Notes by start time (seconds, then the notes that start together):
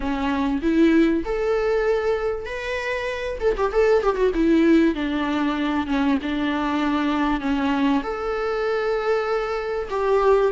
0.00 C#4
0.62 E4
1.25 A4
2.45 B4
3.40 A4
3.57 G4
3.72 A4
4.03 G4
4.16 F#4
4.34 E4
4.94 D4
5.87 C#4
6.22 D4
7.40 C#4
8.03 A4
9.90 G4